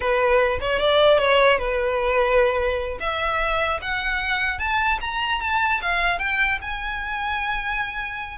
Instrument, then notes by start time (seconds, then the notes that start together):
violin
0.00 B4
0.60 C#5
0.79 D5
1.18 C#5
1.58 B4
3.00 E5
3.81 F#5
4.59 A5
5.00 A#5
5.40 A5
5.81 F5
6.18 G5
6.61 G#5